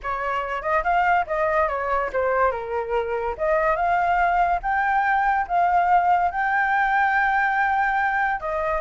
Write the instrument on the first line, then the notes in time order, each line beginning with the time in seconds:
flute
0.02 C#5
0.62 D#5
0.83 F5
1.26 D#5
1.68 C#5
2.13 C5
2.51 A#4
3.37 D#5
3.76 F5
4.62 G5
5.47 F5
6.31 G5
8.40 D#5